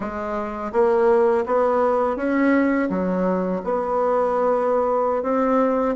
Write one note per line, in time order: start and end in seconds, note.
0.00 0.72 G#3
0.72 1.44 A#3
1.46 2.16 B3
2.16 2.88 C#4
2.89 3.61 F#3
3.63 5.22 B3
5.22 5.95 C4